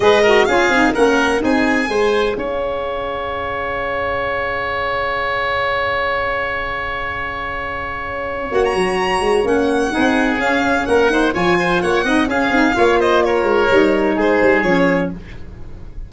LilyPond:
<<
  \new Staff \with { instrumentName = "violin" } { \time 4/4 \tempo 4 = 127 dis''4 f''4 fis''4 gis''4~ | gis''4 f''2.~ | f''1~ | f''1~ |
f''2 fis''16 ais''4.~ ais''16 | fis''2 f''4 fis''4 | gis''4 fis''4 f''4. dis''8 | cis''2 c''4 cis''4 | }
  \new Staff \with { instrumentName = "oboe" } { \time 4/4 b'8 ais'8 gis'4 ais'4 gis'4 | c''4 cis''2.~ | cis''1~ | cis''1~ |
cis''1~ | cis''4 gis'2 ais'8 c''8 | cis''8 c''8 cis''8 dis''8 gis'4 cis''8 c''8 | ais'2 gis'2 | }
  \new Staff \with { instrumentName = "saxophone" } { \time 4/4 gis'8 fis'8 f'8 dis'8 cis'4 dis'4 | gis'1~ | gis'1~ | gis'1~ |
gis'2 fis'2 | cis'4 dis'4 cis'4. dis'8 | f'4. dis'8 cis'8 dis'8 f'4~ | f'4 dis'2 cis'4 | }
  \new Staff \with { instrumentName = "tuba" } { \time 4/4 gis4 cis'8 c'8 ais4 c'4 | gis4 cis'2.~ | cis'1~ | cis'1~ |
cis'2 ais8 fis4 gis8 | ais4 c'4 cis'4 ais4 | f4 ais8 c'8 cis'8 c'8 ais4~ | ais8 gis8 g4 gis8 g8 f4 | }
>>